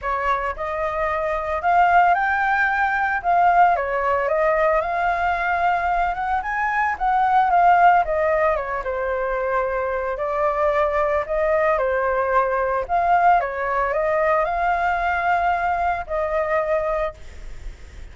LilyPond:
\new Staff \with { instrumentName = "flute" } { \time 4/4 \tempo 4 = 112 cis''4 dis''2 f''4 | g''2 f''4 cis''4 | dis''4 f''2~ f''8 fis''8 | gis''4 fis''4 f''4 dis''4 |
cis''8 c''2~ c''8 d''4~ | d''4 dis''4 c''2 | f''4 cis''4 dis''4 f''4~ | f''2 dis''2 | }